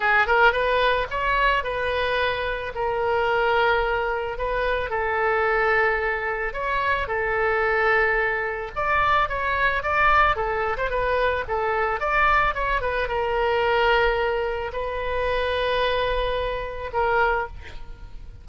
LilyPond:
\new Staff \with { instrumentName = "oboe" } { \time 4/4 \tempo 4 = 110 gis'8 ais'8 b'4 cis''4 b'4~ | b'4 ais'2. | b'4 a'2. | cis''4 a'2. |
d''4 cis''4 d''4 a'8. c''16 | b'4 a'4 d''4 cis''8 b'8 | ais'2. b'4~ | b'2. ais'4 | }